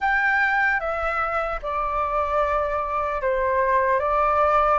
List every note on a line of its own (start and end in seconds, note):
0.00 0.80 G5
0.80 1.60 E5
1.62 3.21 D5
3.21 3.99 C5
3.99 4.79 D5